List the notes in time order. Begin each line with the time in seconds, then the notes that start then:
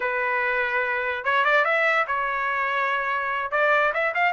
0.00 B4
1.24 C#5
1.44 D5
1.64 E5
2.07 C#5
3.51 D5
3.93 E5
4.14 F5